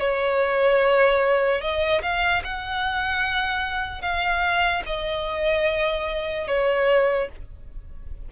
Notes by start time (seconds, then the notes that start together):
0.00 C#5
1.62 D#5
2.02 F5
2.44 F#5
4.02 F5
4.86 D#5
6.48 C#5